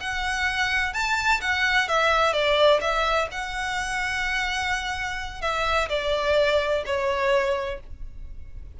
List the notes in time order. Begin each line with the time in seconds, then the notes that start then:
0.00 F#5
0.93 A5
1.41 F#5
1.88 E5
2.33 D5
2.81 E5
3.31 F#5
5.41 E5
5.89 D5
6.85 C#5